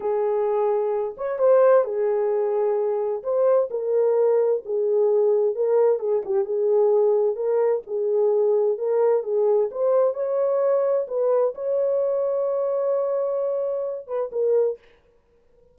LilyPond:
\new Staff \with { instrumentName = "horn" } { \time 4/4 \tempo 4 = 130 gis'2~ gis'8 cis''8 c''4 | gis'2. c''4 | ais'2 gis'2 | ais'4 gis'8 g'8 gis'2 |
ais'4 gis'2 ais'4 | gis'4 c''4 cis''2 | b'4 cis''2.~ | cis''2~ cis''8 b'8 ais'4 | }